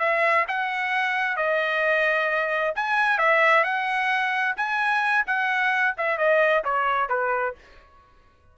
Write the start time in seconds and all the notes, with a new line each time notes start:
0.00 E5
0.48 F#5
1.37 D#5
2.76 G#5
3.19 E5
3.64 F#5
4.57 G#5
5.27 F#5
5.98 E5
6.18 D#5
6.65 C#5
7.10 B4